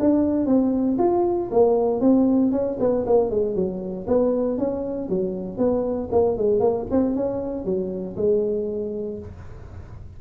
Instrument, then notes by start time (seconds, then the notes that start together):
tuba
0.00 D4
0.46 C4
0.99 F4
1.52 A#3
2.01 C4
2.52 C#4
2.80 B3
3.07 A#3
3.31 G#3
3.55 F#3
4.08 B3
4.58 C#4
5.09 F#3
5.58 B3
6.12 A#3
6.38 G#3
6.60 A#3
6.91 C4
7.16 C#4
7.65 F#3
8.17 G#3